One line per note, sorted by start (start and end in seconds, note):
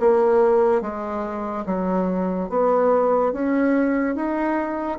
0.00 0.82 A#3
0.82 1.65 G#3
1.66 2.50 F#3
2.50 3.33 B3
3.33 4.16 C#4
4.16 4.99 D#4